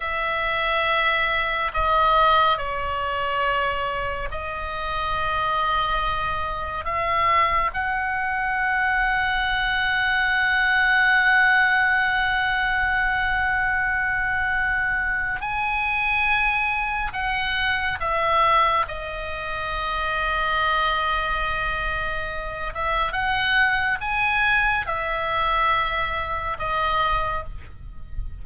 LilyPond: \new Staff \with { instrumentName = "oboe" } { \time 4/4 \tempo 4 = 70 e''2 dis''4 cis''4~ | cis''4 dis''2. | e''4 fis''2.~ | fis''1~ |
fis''2 gis''2 | fis''4 e''4 dis''2~ | dis''2~ dis''8 e''8 fis''4 | gis''4 e''2 dis''4 | }